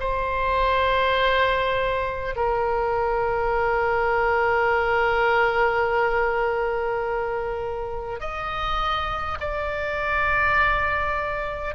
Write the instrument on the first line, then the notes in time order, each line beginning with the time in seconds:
oboe
0.00 C5
2.36 A#4
8.20 D#5
9.41 D5